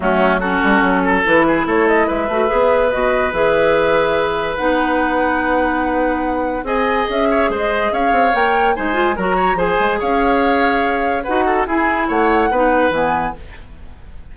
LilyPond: <<
  \new Staff \with { instrumentName = "flute" } { \time 4/4 \tempo 4 = 144 fis'4 a'2 b'4 | cis''8 dis''8 e''2 dis''4 | e''2. fis''4~ | fis''1 |
gis''4 e''4 dis''4 f''4 | g''4 gis''4 ais''4 gis''4 | f''2. fis''4 | gis''4 fis''2 gis''4 | }
  \new Staff \with { instrumentName = "oboe" } { \time 4/4 cis'4 fis'4. a'4 gis'8 | a'4 b'2.~ | b'1~ | b'1 |
dis''4. cis''8 c''4 cis''4~ | cis''4 c''4 ais'8 cis''8 c''4 | cis''2. b'8 a'8 | gis'4 cis''4 b'2 | }
  \new Staff \with { instrumentName = "clarinet" } { \time 4/4 a4 cis'2 e'4~ | e'4. fis'8 gis'4 fis'4 | gis'2. dis'4~ | dis'1 |
gis'1 | ais'4 dis'8 f'8 fis'4 gis'4~ | gis'2. fis'4 | e'2 dis'4 b4 | }
  \new Staff \with { instrumentName = "bassoon" } { \time 4/4 fis4. g8 fis4 e4 | a4 gis8 a8 b4 b,4 | e2. b4~ | b1 |
c'4 cis'4 gis4 cis'8 c'8 | ais4 gis4 fis4 f8 gis8 | cis'2. dis'4 | e'4 a4 b4 e4 | }
>>